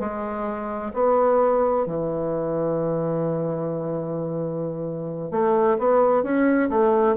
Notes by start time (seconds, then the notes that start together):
0.00 G#3
0.94 B3
1.86 E3
5.32 A3
5.79 B3
6.23 C#4
6.70 A3